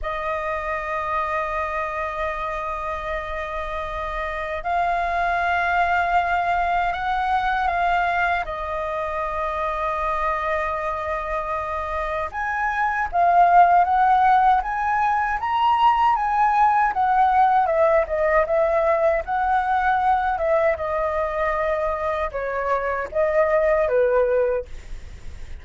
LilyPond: \new Staff \with { instrumentName = "flute" } { \time 4/4 \tempo 4 = 78 dis''1~ | dis''2 f''2~ | f''4 fis''4 f''4 dis''4~ | dis''1 |
gis''4 f''4 fis''4 gis''4 | ais''4 gis''4 fis''4 e''8 dis''8 | e''4 fis''4. e''8 dis''4~ | dis''4 cis''4 dis''4 b'4 | }